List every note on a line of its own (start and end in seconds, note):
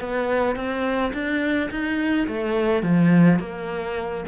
0.00 0.55 B3
0.55 1.12 C4
1.13 1.70 D4
1.70 2.27 D#4
2.27 2.82 A3
2.82 3.39 F3
3.39 4.24 A#3